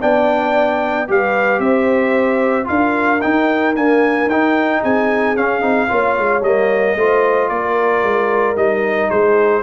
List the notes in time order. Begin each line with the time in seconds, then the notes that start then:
0.00 B3 D4 D5 G5
1.08 G3 G4 B4 F5
1.59 C4 C5 E5
2.64 D4 F4 A#4 F5
3.21 D#4 G5
3.75 A#3 D4 G#5
4.26 D#4 G5
4.82 C4 G#4 G#5
5.36 C#4 F5
5.60 C4 D#4
5.88 A#3 F4 C#5
6.18 G#3
6.41 G3 A#3 D#5
6.96 A3 F4 C5
7.49 A#3 A#4 D5
8.03 G#3
8.56 G3 D#4 D#5
9.10 G#3 G#4 C5